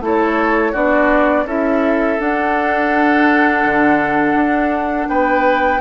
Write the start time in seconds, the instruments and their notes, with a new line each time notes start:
0.00 bassoon A3, clarinet E4, oboe A4
0.06 flute C#5
0.72 bassoon B3, clarinet D4, oboe F#4, flute D5
1.44 bassoon C#4, clarinet E4, oboe A4, flute E5
2.18 clarinet D4, bassoon D4, flute F#5
3.64 bassoon D3
4.34 bassoon D4
5.08 bassoon B3, oboe B4, flute G5